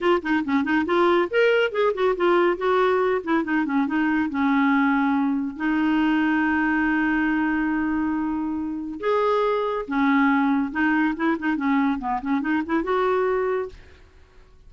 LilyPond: \new Staff \with { instrumentName = "clarinet" } { \time 4/4 \tempo 4 = 140 f'8 dis'8 cis'8 dis'8 f'4 ais'4 | gis'8 fis'8 f'4 fis'4. e'8 | dis'8 cis'8 dis'4 cis'2~ | cis'4 dis'2.~ |
dis'1~ | dis'4 gis'2 cis'4~ | cis'4 dis'4 e'8 dis'8 cis'4 | b8 cis'8 dis'8 e'8 fis'2 | }